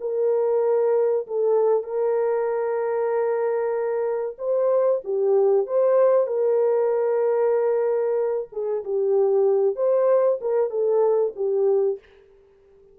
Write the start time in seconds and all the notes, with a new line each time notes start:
0.00 A#4
1.27 A4
1.83 A#4
4.38 C5
5.04 G4
5.66 C5
6.27 A#4
8.52 G#4
8.84 G4
9.76 C5
10.41 A#4
10.70 A4
11.36 G4